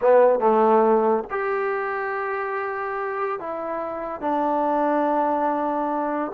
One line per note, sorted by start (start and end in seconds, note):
0.01 0.39 B3
0.39 1.24 A3
1.30 3.39 G4
3.39 4.20 E4
4.20 6.31 D4